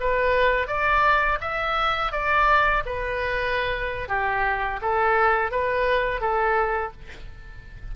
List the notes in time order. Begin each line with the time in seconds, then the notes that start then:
0.00 B4
0.67 D5
1.41 E5
2.12 D5
2.85 B4
4.08 G4
4.81 A4
5.51 B4
6.21 A4